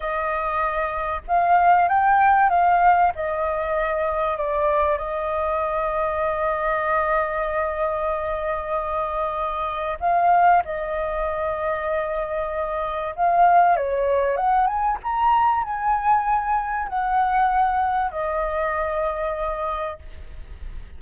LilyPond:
\new Staff \with { instrumentName = "flute" } { \time 4/4 \tempo 4 = 96 dis''2 f''4 g''4 | f''4 dis''2 d''4 | dis''1~ | dis''1 |
f''4 dis''2.~ | dis''4 f''4 cis''4 fis''8 gis''8 | ais''4 gis''2 fis''4~ | fis''4 dis''2. | }